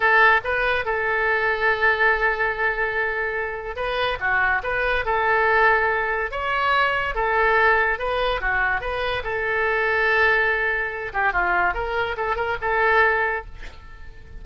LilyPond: \new Staff \with { instrumentName = "oboe" } { \time 4/4 \tempo 4 = 143 a'4 b'4 a'2~ | a'1~ | a'4 b'4 fis'4 b'4 | a'2. cis''4~ |
cis''4 a'2 b'4 | fis'4 b'4 a'2~ | a'2~ a'8 g'8 f'4 | ais'4 a'8 ais'8 a'2 | }